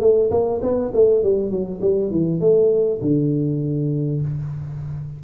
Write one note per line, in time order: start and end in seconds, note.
0.00 0.30 A3
0.31 0.61 A#3
0.62 0.92 B3
0.94 1.23 A3
1.23 1.51 G3
1.51 1.81 F#3
1.81 2.11 G3
2.11 2.40 E3
2.40 3.00 A3
3.01 4.21 D3